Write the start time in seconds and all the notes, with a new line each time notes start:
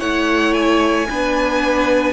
0.00 A3 E4 C#5 F#5
0.54 G#5
1.10 B3 D4 B4